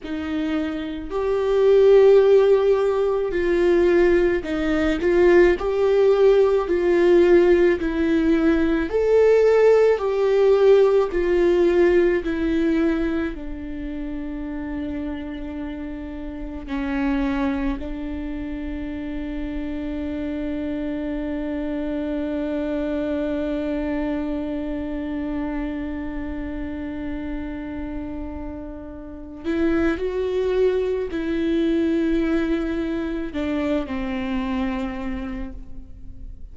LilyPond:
\new Staff \with { instrumentName = "viola" } { \time 4/4 \tempo 4 = 54 dis'4 g'2 f'4 | dis'8 f'8 g'4 f'4 e'4 | a'4 g'4 f'4 e'4 | d'2. cis'4 |
d'1~ | d'1~ | d'2~ d'8 e'8 fis'4 | e'2 d'8 c'4. | }